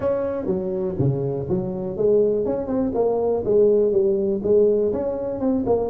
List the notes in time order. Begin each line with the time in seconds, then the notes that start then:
0.00 C#4
0.46 F#3
0.98 C#3
1.49 F#3
1.96 G#3
2.45 C#4
2.67 C4
2.94 A#3
3.44 G#3
3.91 G3
4.43 G#3
4.92 C#4
5.40 C4
5.66 A#3